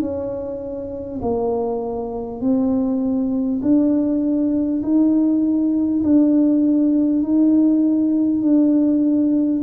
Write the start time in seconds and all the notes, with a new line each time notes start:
0.00 C#4
1.21 A#3
2.41 C4
3.62 D4
4.83 D#4
6.03 D4
7.22 D#4
8.42 D4